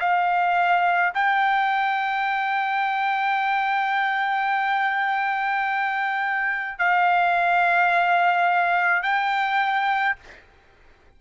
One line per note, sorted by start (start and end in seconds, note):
0.00 1.13 F5
1.15 6.79 G5
6.79 9.03 F5
9.03 10.16 G5